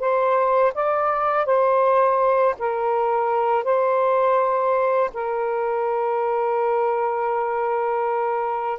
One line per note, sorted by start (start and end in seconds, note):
0.00 0.73 C5
0.75 1.46 D5
1.46 2.55 C5
2.59 3.65 A#4
3.65 5.11 C5
5.14 8.80 A#4